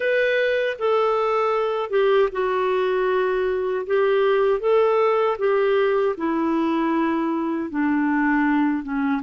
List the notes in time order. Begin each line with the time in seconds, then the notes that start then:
0.00 B4
0.79 A4
1.90 G4
2.32 F#4
3.86 G4
4.60 A4
5.38 G4
6.17 E4
7.70 D4
8.83 C#4